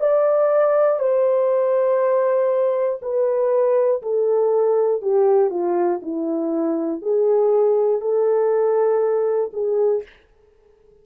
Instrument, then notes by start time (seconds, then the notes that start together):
horn
0.00 D5
0.99 C5
3.02 B4
4.02 A4
5.02 G4
5.50 F4
6.02 E4
7.01 G#4
8.01 A4
9.53 G#4